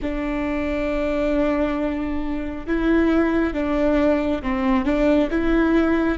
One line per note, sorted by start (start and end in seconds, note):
0.02 2.66 D4
2.67 3.53 E4
3.53 4.42 D4
4.42 4.85 C4
4.85 5.29 D4
5.30 6.18 E4